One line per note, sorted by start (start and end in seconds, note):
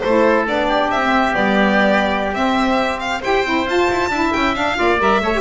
0.00 0.48 A3
0.00 0.68 A4
0.00 0.44 C5
0.07 0.47 E4
0.47 0.90 B3
0.47 1.02 D4
0.47 0.91 D5
0.68 3.21 G4
0.90 1.34 C4
0.90 1.35 E5
1.03 1.33 C4
1.33 2.34 G3
1.33 2.32 B3
1.33 2.34 D5
2.34 3.22 C4
2.34 2.99 E5
2.99 3.22 F5
3.21 3.44 E4
3.21 3.45 G4
3.21 4.09 C5
3.21 3.68 G5
3.44 3.66 C4
3.44 3.67 E4
3.66 3.88 F4
3.66 4.11 F4
3.66 4.33 A5
3.91 4.10 E4
4.10 4.32 D4
4.10 4.55 E4
4.10 4.77 E5
4.33 4.56 C#4
4.33 4.55 G5
4.55 4.76 D4
4.55 4.78 D4
4.55 5.00 F5
4.76 5.00 A#3
4.76 4.98 F4
4.76 5.23 D5
5.00 5.21 G3
5.00 5.23 A#4
5.00 5.41 E5
5.21 5.41 A3
5.21 5.34 A4
5.21 5.41 C#5
5.35 5.41 G4